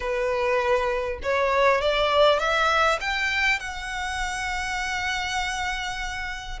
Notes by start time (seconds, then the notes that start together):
0.00 B4
1.22 C#5
1.81 D5
2.39 E5
3.00 G5
3.59 F#5